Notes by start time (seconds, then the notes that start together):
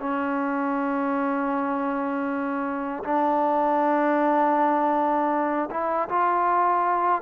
0.00 C#4
3.04 D4
5.71 E4
6.09 F4